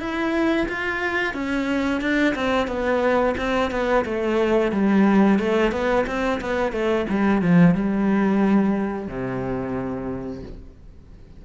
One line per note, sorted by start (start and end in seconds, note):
0.00 0.67 E4
0.69 1.34 F4
1.34 2.01 C#4
2.01 2.35 D4
2.35 2.68 C4
2.68 3.35 B3
3.38 3.71 C4
3.71 4.05 B3
4.05 4.72 A3
4.72 5.39 G3
5.39 5.72 A3
5.72 6.06 B3
6.07 6.40 C4
6.41 6.72 B3
6.72 7.06 A3
7.10 7.42 G3
7.42 7.75 F3
7.75 9.08 G3
9.08 10.43 C3